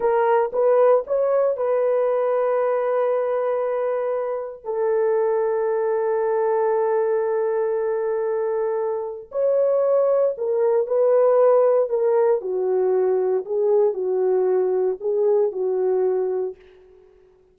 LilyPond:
\new Staff \with { instrumentName = "horn" } { \time 4/4 \tempo 4 = 116 ais'4 b'4 cis''4 b'4~ | b'1~ | b'4 a'2.~ | a'1~ |
a'2 cis''2 | ais'4 b'2 ais'4 | fis'2 gis'4 fis'4~ | fis'4 gis'4 fis'2 | }